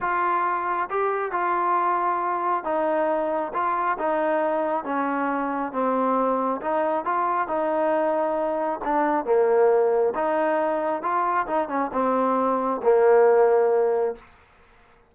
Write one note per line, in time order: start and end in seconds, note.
0.00 0.89 F4
0.90 1.31 G4
1.31 2.64 F4
2.64 3.52 D#4
3.53 3.97 F4
3.98 4.84 D#4
4.84 5.72 C#4
5.72 6.60 C4
6.61 7.04 D#4
7.04 7.47 F4
7.47 8.80 D#4
8.84 9.25 D4
9.25 10.13 A#3
10.15 11.02 D#4
11.02 11.46 F4
11.46 11.68 D#4
11.68 11.90 C#4
11.92 12.81 C4
12.82 14.15 A#3